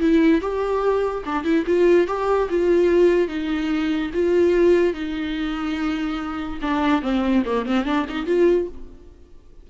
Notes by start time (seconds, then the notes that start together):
0.00 E4
0.41 G4
1.26 D4
1.44 E4
1.66 F4
2.07 G4
2.50 F4
3.28 D#4
4.14 F4
4.94 D#4
6.62 D4
7.02 C4
7.45 A#3
7.66 C4
7.85 D4
8.09 D#4
8.26 F4